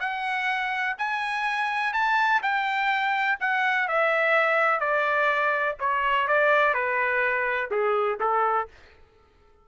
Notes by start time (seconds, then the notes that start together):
0.00 F#5
0.98 G#5
1.93 A5
2.42 G5
3.40 F#5
3.88 E5
4.80 D5
5.79 C#5
6.27 D5
6.74 B4
7.71 G#4
8.20 A4